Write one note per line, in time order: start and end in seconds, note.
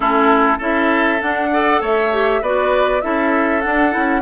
0.00 0.57 A3
0.00 0.58 C#4
0.00 0.57 E4
0.00 0.60 A4
0.57 1.20 C#4
0.57 1.20 E4
0.57 1.48 A4
0.57 1.21 E5
1.20 1.51 D4
1.20 1.81 D4
1.20 1.81 F#5
1.51 2.12 A4
1.51 1.81 D5
1.81 2.41 A3
1.81 2.41 C#5
1.81 2.43 E5
2.12 2.42 G4
2.41 3.02 B3
2.41 3.01 F#4
2.41 3.02 B4
2.41 3.01 D5
3.01 3.65 C#4
3.01 3.61 E4
3.01 4.21 A4
3.01 3.61 E5
3.61 3.91 D4
3.61 3.95 D4
3.61 4.21 F#5
3.91 4.21 C#4
3.91 4.21 E4